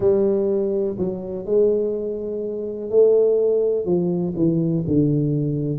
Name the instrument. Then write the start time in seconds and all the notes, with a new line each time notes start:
tuba
0.00 G3
0.98 F#3
1.45 G#3
2.90 A3
3.85 F3
4.36 E3
4.87 D3